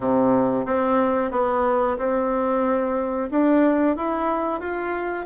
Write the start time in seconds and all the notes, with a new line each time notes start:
0.00 C3
0.65 C4
1.31 B3
1.98 C4
3.31 D4
3.96 E4
4.59 F4